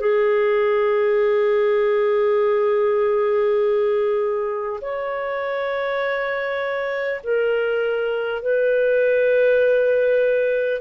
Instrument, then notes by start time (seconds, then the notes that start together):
clarinet
0.00 G#4
4.81 C#5
7.23 A#4
8.42 B4